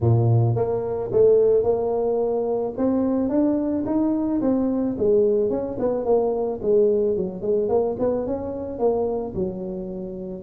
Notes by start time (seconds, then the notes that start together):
0.01 A#2
0.55 A#3
1.12 A3
1.63 A#3
2.77 C4
3.29 D4
3.85 D#4
4.41 C4
4.98 G#3
5.50 C#4
5.79 B3
6.05 A#3
6.62 G#3
7.16 F#3
7.41 G#3
7.68 A#3
7.99 B3
8.26 C#4
8.78 A#3
9.34 F#3